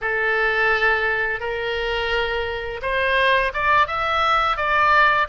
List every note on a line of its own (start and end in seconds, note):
0.01 1.39 A4
1.39 2.80 A#4
2.81 3.52 C5
3.53 3.87 D5
3.87 4.57 E5
4.57 5.27 D5